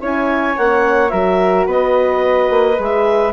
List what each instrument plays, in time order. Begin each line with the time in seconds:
0.00 bassoon C#4, horn E4, flute C#5, clarinet G#5
0.58 bassoon A#3, horn C#4, clarinet F#5
1.09 bassoon F#3, horn F#4, flute A#4, clarinet E5
1.66 bassoon B3, flute B4, clarinet D#5
2.50 bassoon A#3
2.77 bassoon G#3, horn G#4, clarinet E5